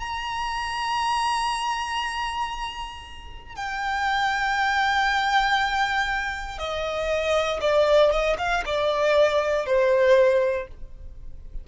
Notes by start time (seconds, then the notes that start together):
0.00 A#5
3.56 G5
6.59 D#5
7.61 D5
8.11 D#5
8.38 F5
8.66 D5
9.66 C5